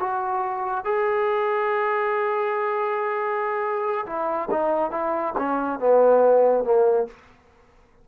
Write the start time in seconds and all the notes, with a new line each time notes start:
0.00 F#4
0.85 G#4
4.07 E4
4.51 D#4
4.91 E4
5.38 C#4
5.80 B3
6.65 A#3